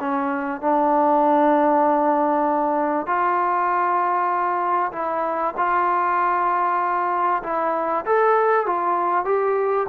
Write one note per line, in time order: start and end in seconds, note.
0.00 0.61 C#4
0.61 3.06 D4
3.06 4.92 F4
4.92 5.54 E4
5.57 7.42 F4
7.43 8.05 E4
8.06 8.66 A4
8.66 9.25 F4
9.25 9.87 G4